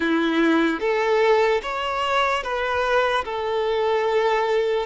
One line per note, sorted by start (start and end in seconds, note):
0.00 0.80 E4
0.80 1.61 A4
1.62 2.43 C#5
2.43 3.24 B4
3.24 4.86 A4